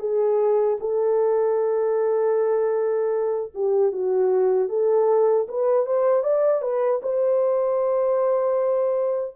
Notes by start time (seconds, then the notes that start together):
0.00 G#4
0.80 A4
3.55 G4
3.92 F#4
4.69 A4
5.49 B4
5.87 C5
6.24 D5
6.63 B4
7.03 C5